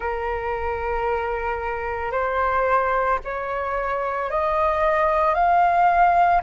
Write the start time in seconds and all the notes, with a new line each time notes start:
0.00 A#4
2.11 C5
3.24 C#5
4.30 D#5
5.34 F5